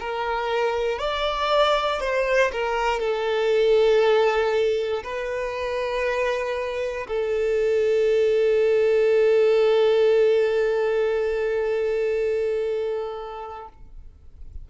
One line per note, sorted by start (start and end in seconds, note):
0.00 0.99 A#4
0.99 2.01 D5
2.01 2.51 C5
2.52 3.00 A#4
3.00 5.03 A4
5.04 7.07 B4
7.08 13.69 A4